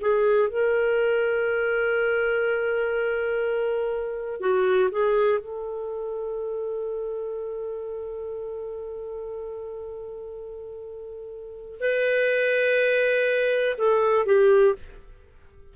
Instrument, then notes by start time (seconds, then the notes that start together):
clarinet
0.00 G#4
0.49 A#4
4.39 F#4
4.91 G#4
5.39 A4
11.79 B4
13.77 A4
14.25 G4